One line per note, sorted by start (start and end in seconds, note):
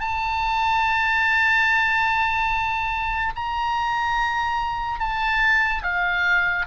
0.00 3.33 A5
3.36 5.00 A#5
5.00 5.83 A5
5.83 6.66 F5